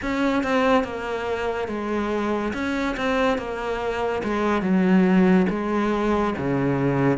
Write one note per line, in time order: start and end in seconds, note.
0.02 0.43 C#4
0.43 0.84 C4
0.84 1.68 A#3
1.68 2.52 G#3
2.53 2.95 C#4
2.97 3.38 C4
3.38 4.22 A#3
4.23 4.62 G#3
4.62 5.46 F#3
5.49 6.34 G#3
6.38 7.17 C#3